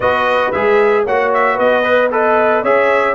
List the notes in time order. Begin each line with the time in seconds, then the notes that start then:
0.00 B3 F#4 B4 D#5
0.51 G#3 G#4 E5
1.04 A#3 F#4 C#5 F#5
1.33 E5
1.54 B3 B4 D#5
1.83 B4
2.11 A4 B4 D#5
2.62 C#4 G#4 C#5 E5